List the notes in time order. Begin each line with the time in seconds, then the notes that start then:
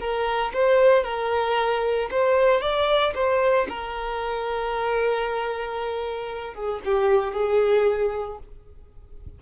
0.00 A#4
0.54 C5
1.04 A#4
2.11 C5
2.61 D5
3.15 C5
3.69 A#4
6.55 G#4
6.85 G4
7.33 G#4